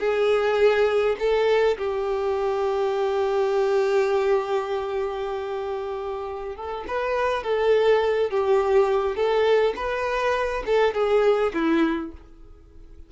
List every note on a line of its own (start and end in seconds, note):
0.00 1.17 G#4
1.19 1.78 A4
1.78 6.56 G4
6.56 6.85 A4
6.88 7.44 B4
7.44 8.31 A4
8.31 9.16 G4
9.16 9.75 A4
9.76 10.64 B4
10.66 10.94 A4
10.94 11.53 G#4
11.54 12.12 E4